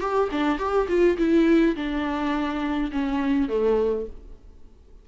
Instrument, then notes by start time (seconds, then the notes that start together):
viola
0.00 G4
0.31 D4
0.58 G4
0.88 F4
1.18 E4
1.75 D4
2.92 C#4
3.49 A3